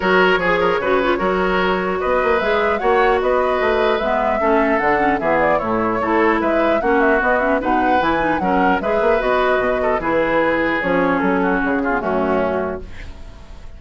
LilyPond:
<<
  \new Staff \with { instrumentName = "flute" } { \time 4/4 \tempo 4 = 150 cis''1~ | cis''4 dis''4 e''4 fis''4 | dis''2 e''2 | fis''4 e''8 d''8 cis''2 |
e''4 fis''8 e''8 dis''8 e''8 fis''4 | gis''4 fis''4 e''4 dis''4~ | dis''4 b'2 cis''4 | a'4 gis'4 fis'2 | }
  \new Staff \with { instrumentName = "oboe" } { \time 4/4 ais'4 gis'8 ais'8 b'4 ais'4~ | ais'4 b'2 cis''4 | b'2. a'4~ | a'4 gis'4 e'4 a'4 |
b'4 fis'2 b'4~ | b'4 ais'4 b'2~ | b'8 a'8 gis'2.~ | gis'8 fis'4 f'8 cis'2 | }
  \new Staff \with { instrumentName = "clarinet" } { \time 4/4 fis'4 gis'4 fis'8 f'8 fis'4~ | fis'2 gis'4 fis'4~ | fis'2 b4 cis'4 | d'8 cis'8 b4 a4 e'4~ |
e'4 cis'4 b8 cis'8 dis'4 | e'8 dis'8 cis'4 gis'4 fis'4~ | fis'4 e'2 cis'4~ | cis'4.~ cis'16 b16 a2 | }
  \new Staff \with { instrumentName = "bassoon" } { \time 4/4 fis4 f4 cis4 fis4~ | fis4 b8 ais8 gis4 ais4 | b4 a4 gis4 a4 | d4 e4 a,4 a4 |
gis4 ais4 b4 b,4 | e4 fis4 gis8 ais8 b4 | b,4 e2 f4 | fis4 cis4 fis,2 | }
>>